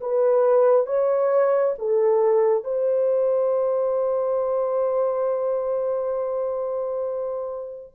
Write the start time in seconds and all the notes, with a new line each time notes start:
0.00 B4
0.86 C#5
1.78 A4
2.64 C5